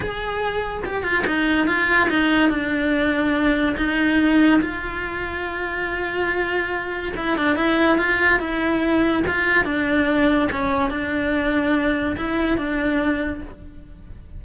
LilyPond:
\new Staff \with { instrumentName = "cello" } { \time 4/4 \tempo 4 = 143 gis'2 g'8 f'8 dis'4 | f'4 dis'4 d'2~ | d'4 dis'2 f'4~ | f'1~ |
f'4 e'8 d'8 e'4 f'4 | e'2 f'4 d'4~ | d'4 cis'4 d'2~ | d'4 e'4 d'2 | }